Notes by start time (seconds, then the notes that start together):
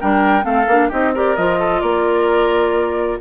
0.00 G3 D4 A#4 G5
0.42 A3 C4 A4 F5
0.67 A#3 D4
0.88 C4 D#4 G4 D#5
1.14 G4 A#4 D5
1.36 F3 F4 D#5
1.59 A4
1.80 A#3 A#4 D5